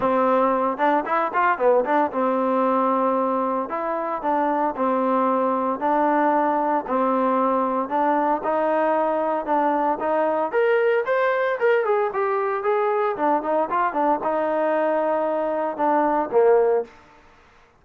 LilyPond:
\new Staff \with { instrumentName = "trombone" } { \time 4/4 \tempo 4 = 114 c'4. d'8 e'8 f'8 b8 d'8 | c'2. e'4 | d'4 c'2 d'4~ | d'4 c'2 d'4 |
dis'2 d'4 dis'4 | ais'4 c''4 ais'8 gis'8 g'4 | gis'4 d'8 dis'8 f'8 d'8 dis'4~ | dis'2 d'4 ais4 | }